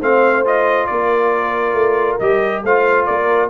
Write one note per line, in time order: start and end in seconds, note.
0.00 0.89 A3
0.00 0.46 C4
0.00 0.88 C5
0.00 0.46 F5
0.46 2.21 F4
0.46 0.87 D#5
0.87 1.74 A#3
0.87 2.65 A#4
0.87 2.18 D5
1.74 2.18 A3
2.20 2.64 G3
2.20 2.65 G4
2.20 2.63 D#5
2.64 3.07 A3
2.64 3.51 F4
2.64 3.07 C5
2.64 3.06 F5
3.06 3.51 A#3
3.06 3.51 A#4
3.06 3.50 D5